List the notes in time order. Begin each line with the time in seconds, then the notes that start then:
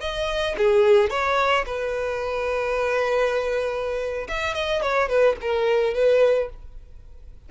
0.00 D#5
0.57 G#4
1.10 C#5
1.66 B4
4.28 E5
4.54 D#5
4.82 C#5
5.08 B4
5.41 A#4
5.94 B4